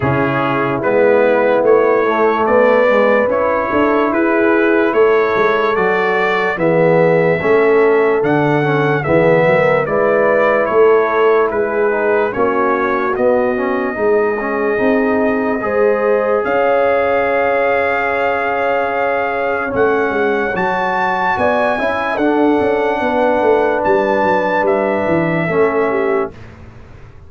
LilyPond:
<<
  \new Staff \with { instrumentName = "trumpet" } { \time 4/4 \tempo 4 = 73 gis'4 b'4 cis''4 d''4 | cis''4 b'4 cis''4 d''4 | e''2 fis''4 e''4 | d''4 cis''4 b'4 cis''4 |
dis''1 | f''1 | fis''4 a''4 gis''4 fis''4~ | fis''4 a''4 e''2 | }
  \new Staff \with { instrumentName = "horn" } { \time 4/4 e'2. b'4~ | b'8 a'8 gis'4 a'2 | gis'4 a'2 gis'8 ais'8 | b'4 a'4 gis'4 fis'4~ |
fis'4 gis'2 c''4 | cis''1~ | cis''2 d''8 e''8 a'4 | b'2. a'8 g'8 | }
  \new Staff \with { instrumentName = "trombone" } { \time 4/4 cis'4 b4. a4 gis8 | e'2. fis'4 | b4 cis'4 d'8 cis'8 b4 | e'2~ e'8 dis'8 cis'4 |
b8 cis'8 dis'8 cis'8 dis'4 gis'4~ | gis'1 | cis'4 fis'4. e'8 d'4~ | d'2. cis'4 | }
  \new Staff \with { instrumentName = "tuba" } { \time 4/4 cis4 gis4 a4 b4 | cis'8 d'8 e'4 a8 gis8 fis4 | e4 a4 d4 e8 fis8 | gis4 a4 gis4 ais4 |
b4 gis4 c'4 gis4 | cis'1 | a8 gis8 fis4 b8 cis'8 d'8 cis'8 | b8 a8 g8 fis8 g8 e8 a4 | }
>>